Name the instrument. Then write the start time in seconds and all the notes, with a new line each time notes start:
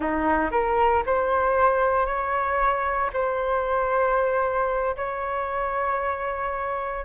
flute
0.00 D#4
0.51 A#4
1.06 C5
2.06 C#5
3.13 C5
4.96 C#5